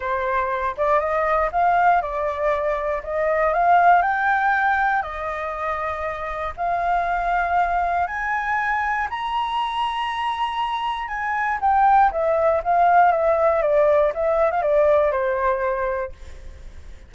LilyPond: \new Staff \with { instrumentName = "flute" } { \time 4/4 \tempo 4 = 119 c''4. d''8 dis''4 f''4 | d''2 dis''4 f''4 | g''2 dis''2~ | dis''4 f''2. |
gis''2 ais''2~ | ais''2 gis''4 g''4 | e''4 f''4 e''4 d''4 | e''8. f''16 d''4 c''2 | }